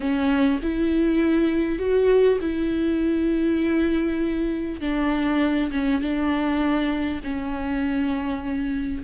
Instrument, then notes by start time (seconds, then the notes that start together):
viola
0.00 C#4
0.62 E4
1.78 F#4
2.40 E4
4.81 D4
5.71 C#4
6.01 D4
7.23 C#4